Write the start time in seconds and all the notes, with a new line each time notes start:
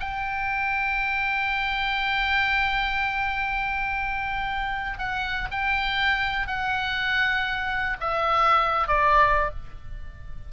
0.00 G5
4.98 F#5
5.51 G5
6.47 F#5
8.00 E5
8.88 D5